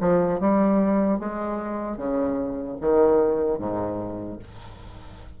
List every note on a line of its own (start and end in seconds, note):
0.00 0.40 F3
0.40 1.19 G3
1.19 1.97 G#3
1.97 2.77 C#3
2.80 3.59 D#3
3.59 4.39 G#2